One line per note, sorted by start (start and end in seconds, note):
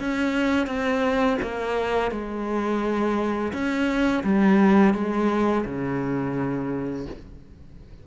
0.00 0.67 C#4
0.67 1.38 C4
1.42 2.11 A#3
2.11 3.53 G#3
3.53 4.24 C#4
4.24 4.94 G3
4.94 5.65 G#3
5.66 7.07 C#3